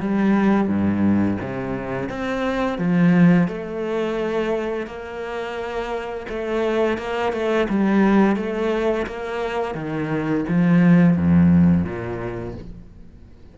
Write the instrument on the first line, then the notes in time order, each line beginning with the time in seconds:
cello
0.00 G3
0.68 G2
1.41 C3
2.09 C4
2.78 F3
3.48 A3
4.87 A#3
6.29 A3
6.98 A#3
7.33 A3
7.69 G3
8.36 A3
9.07 A#3
9.75 D#3
10.48 F3
11.17 F2
11.84 A#2